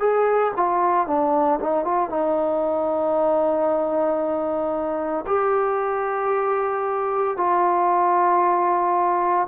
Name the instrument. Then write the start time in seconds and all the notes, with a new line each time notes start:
trombone
0.00 G#4
0.56 F4
1.07 D4
1.60 D#4
1.85 F4
2.10 D#4
5.27 G4
7.37 F4